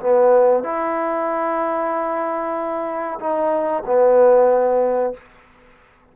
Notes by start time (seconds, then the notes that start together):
0.00 B3
0.63 E4
3.19 D#4
3.86 B3